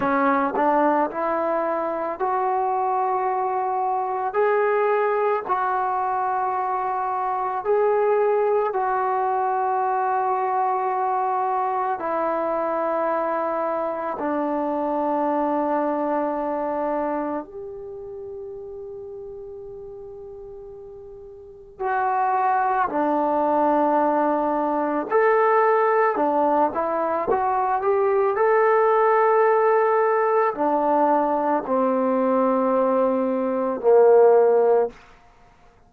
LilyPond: \new Staff \with { instrumentName = "trombone" } { \time 4/4 \tempo 4 = 55 cis'8 d'8 e'4 fis'2 | gis'4 fis'2 gis'4 | fis'2. e'4~ | e'4 d'2. |
g'1 | fis'4 d'2 a'4 | d'8 e'8 fis'8 g'8 a'2 | d'4 c'2 ais4 | }